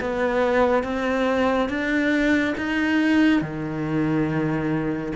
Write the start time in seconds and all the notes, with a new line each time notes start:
0.00 B3
0.83 C4
1.69 D4
2.57 D#4
3.41 D#3